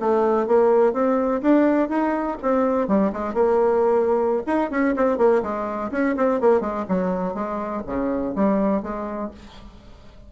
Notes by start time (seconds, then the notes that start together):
0.00 A3
0.48 A#3
0.93 C4
1.42 D4
1.89 D#4
2.42 C4
2.88 G3
3.13 G#3
3.34 A#3
4.47 D#4
4.71 C#4
4.97 C4
5.18 A#3
5.43 G#3
5.92 C#4
6.17 C4
6.41 A#3
6.61 G#3
6.89 F#3
7.35 G#3
7.87 C#3
8.36 G3
8.83 G#3